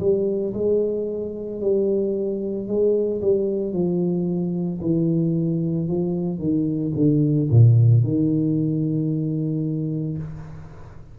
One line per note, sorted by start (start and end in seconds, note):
0.00 0.54 G3
0.54 1.61 G#3
1.61 2.68 G3
2.68 3.21 G#3
3.21 3.74 G3
3.74 4.81 F3
4.82 5.89 E3
5.89 6.39 F3
6.39 6.93 D#3
6.96 7.50 D3
7.50 8.04 A#2
8.04 10.18 D#3